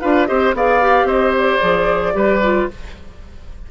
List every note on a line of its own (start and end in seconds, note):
0.00 0.29 D4
0.00 0.27 F4
0.00 0.27 B4
0.00 0.26 F5
0.26 0.53 C4
0.26 0.53 G4
0.26 0.55 C5
0.26 0.52 D#5
0.53 1.04 B3
0.53 0.81 G#4
0.53 1.06 D5
0.53 1.07 F5
0.81 1.60 G4
1.04 1.57 C4
1.04 2.13 C5
1.04 1.34 D#5
1.38 2.70 D5
1.60 2.14 F3
1.60 2.13 G#4
2.13 2.67 G3
2.13 2.39 G4
2.13 2.69 B4
2.42 2.69 F4